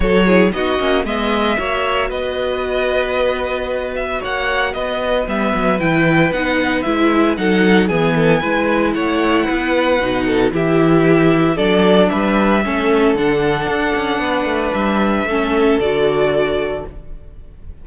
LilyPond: <<
  \new Staff \with { instrumentName = "violin" } { \time 4/4 \tempo 4 = 114 cis''4 dis''4 e''2 | dis''2.~ dis''8 e''8 | fis''4 dis''4 e''4 g''4 | fis''4 e''4 fis''4 gis''4~ |
gis''4 fis''2. | e''2 d''4 e''4~ | e''4 fis''2. | e''2 d''2 | }
  \new Staff \with { instrumentName = "violin" } { \time 4/4 a'8 gis'8 fis'4 dis''4 cis''4 | b'1 | cis''4 b'2.~ | b'2 a'4 gis'8 a'8 |
b'4 cis''4 b'4. a'8 | g'2 a'4 b'4 | a'2. b'4~ | b'4 a'2. | }
  \new Staff \with { instrumentName = "viola" } { \time 4/4 fis'8 e'8 dis'8 cis'8 b4 fis'4~ | fis'1~ | fis'2 b4 e'4 | dis'4 e'4 dis'4 b4 |
e'2. dis'4 | e'2 d'2 | cis'4 d'2.~ | d'4 cis'4 fis'2 | }
  \new Staff \with { instrumentName = "cello" } { \time 4/4 fis4 b8 ais8 gis4 ais4 | b1 | ais4 b4 g8 fis8 e4 | b4 gis4 fis4 e4 |
gis4 a4 b4 b,4 | e2 fis4 g4 | a4 d4 d'8 cis'8 b8 a8 | g4 a4 d2 | }
>>